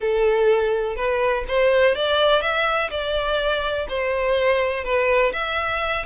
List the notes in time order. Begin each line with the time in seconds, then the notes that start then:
0.00 A4
0.96 B4
1.48 C5
1.95 D5
2.41 E5
2.90 D5
3.88 C5
4.83 B4
5.32 E5